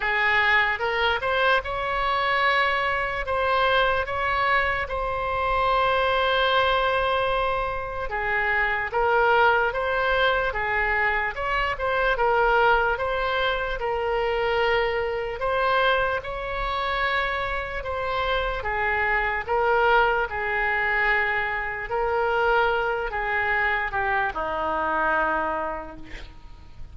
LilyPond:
\new Staff \with { instrumentName = "oboe" } { \time 4/4 \tempo 4 = 74 gis'4 ais'8 c''8 cis''2 | c''4 cis''4 c''2~ | c''2 gis'4 ais'4 | c''4 gis'4 cis''8 c''8 ais'4 |
c''4 ais'2 c''4 | cis''2 c''4 gis'4 | ais'4 gis'2 ais'4~ | ais'8 gis'4 g'8 dis'2 | }